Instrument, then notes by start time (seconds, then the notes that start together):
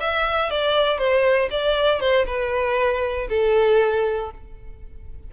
violin
0.00 E5
0.50 D5
0.98 C5
1.50 D5
2.00 C5
2.26 B4
3.29 A4